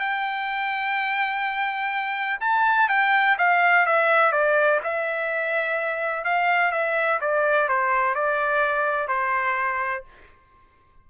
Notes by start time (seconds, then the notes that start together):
0.00 G5
2.41 A5
2.89 G5
3.38 F5
3.86 E5
4.33 D5
4.84 E5
6.25 F5
6.72 E5
7.21 D5
7.69 C5
8.15 D5
9.08 C5